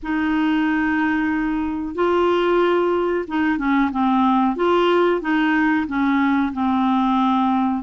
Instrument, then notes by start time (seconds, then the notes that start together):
clarinet
0.02 D#4
1.94 F4
3.27 D#4
3.58 C#4
3.91 C4
4.56 F4
5.21 D#4
5.87 C#4
6.53 C4